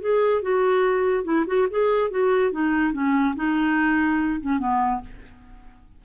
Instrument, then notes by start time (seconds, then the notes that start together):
clarinet
0.00 G#4
0.42 F#4
1.24 E4
1.46 F#4
1.70 G#4
2.10 F#4
2.51 D#4
2.92 C#4
3.35 D#4
4.40 C#4
4.58 B3